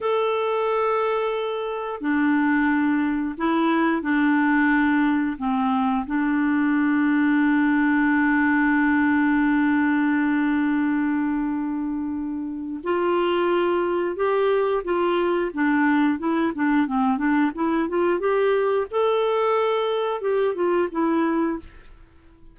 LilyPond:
\new Staff \with { instrumentName = "clarinet" } { \time 4/4 \tempo 4 = 89 a'2. d'4~ | d'4 e'4 d'2 | c'4 d'2.~ | d'1~ |
d'2. f'4~ | f'4 g'4 f'4 d'4 | e'8 d'8 c'8 d'8 e'8 f'8 g'4 | a'2 g'8 f'8 e'4 | }